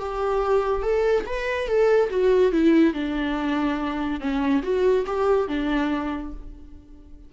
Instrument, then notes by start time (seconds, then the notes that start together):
viola
0.00 G4
0.83 A4
1.27 B4
1.68 A4
2.10 F#4
2.53 E4
2.94 D4
4.21 C#4
4.63 F#4
5.07 G4
5.49 D4